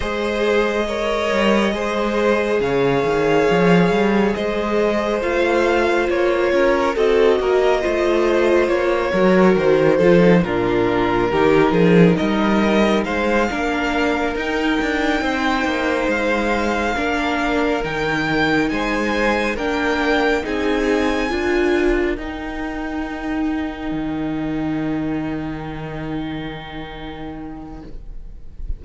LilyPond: <<
  \new Staff \with { instrumentName = "violin" } { \time 4/4 \tempo 4 = 69 dis''2. f''4~ | f''4 dis''4 f''4 cis''4 | dis''2 cis''4 c''4 | ais'2 dis''4 f''4~ |
f''8 g''2 f''4.~ | f''8 g''4 gis''4 g''4 gis''8~ | gis''4. g''2~ g''8~ | g''1 | }
  \new Staff \with { instrumentName = "violin" } { \time 4/4 c''4 cis''4 c''4 cis''4~ | cis''4 c''2~ c''8 ais'8 | a'8 ais'8 c''4. ais'4 a'8 | f'4 g'8 gis'8 ais'4 c''8 ais'8~ |
ais'4. c''2 ais'8~ | ais'4. c''4 ais'4 gis'8~ | gis'8 ais'2.~ ais'8~ | ais'1 | }
  \new Staff \with { instrumentName = "viola" } { \time 4/4 gis'4 ais'4 gis'2~ | gis'2 f'2 | fis'4 f'4. fis'4 f'16 dis'16 | d'4 dis'2~ dis'8 d'8~ |
d'8 dis'2. d'8~ | d'8 dis'2 d'4 dis'8~ | dis'8 f'4 dis'2~ dis'8~ | dis'1 | }
  \new Staff \with { instrumentName = "cello" } { \time 4/4 gis4. g8 gis4 cis8 dis8 | f8 g8 gis4 a4 ais8 cis'8 | c'8 ais8 a4 ais8 fis8 dis8 f8 | ais,4 dis8 f8 g4 gis8 ais8~ |
ais8 dis'8 d'8 c'8 ais8 gis4 ais8~ | ais8 dis4 gis4 ais4 c'8~ | c'8 d'4 dis'2 dis8~ | dis1 | }
>>